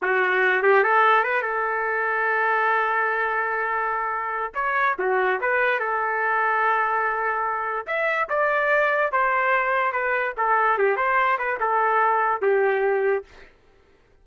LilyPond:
\new Staff \with { instrumentName = "trumpet" } { \time 4/4 \tempo 4 = 145 fis'4. g'8 a'4 b'8 a'8~ | a'1~ | a'2. cis''4 | fis'4 b'4 a'2~ |
a'2. e''4 | d''2 c''2 | b'4 a'4 g'8 c''4 b'8 | a'2 g'2 | }